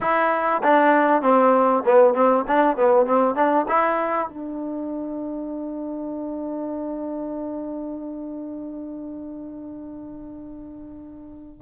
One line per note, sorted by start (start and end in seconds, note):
0.01 0.62 E4
0.63 1.22 D4
1.22 1.83 C4
1.85 2.14 B3
2.14 2.44 C4
2.47 2.76 D4
2.76 3.06 B3
3.06 3.35 C4
3.35 3.66 D4
3.68 4.28 E4
4.28 11.61 D4